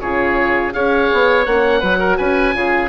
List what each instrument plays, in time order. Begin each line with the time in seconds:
0.00 bassoon C#3, horn F4, oboe G#4 C#5
0.71 bassoon C#4, horn G#4, oboe C#5 F5
1.12 bassoon B3
1.45 bassoon A#3, horn C#4, oboe F#5
1.79 bassoon F#3, horn F#4, oboe B4
1.99 oboe A#4
2.17 bassoon C#4, oboe B4 G#5
2.53 bassoon C#3, horn F4, oboe G#4